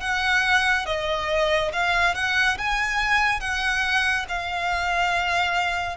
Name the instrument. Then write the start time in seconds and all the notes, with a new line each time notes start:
violin
0.00 F#5
0.86 D#5
1.72 F5
2.14 F#5
2.58 G#5
3.40 F#5
4.28 F5